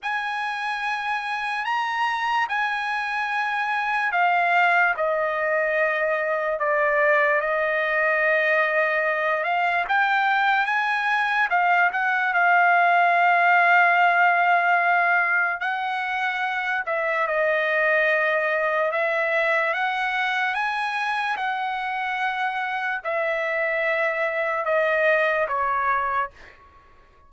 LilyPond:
\new Staff \with { instrumentName = "trumpet" } { \time 4/4 \tempo 4 = 73 gis''2 ais''4 gis''4~ | gis''4 f''4 dis''2 | d''4 dis''2~ dis''8 f''8 | g''4 gis''4 f''8 fis''8 f''4~ |
f''2. fis''4~ | fis''8 e''8 dis''2 e''4 | fis''4 gis''4 fis''2 | e''2 dis''4 cis''4 | }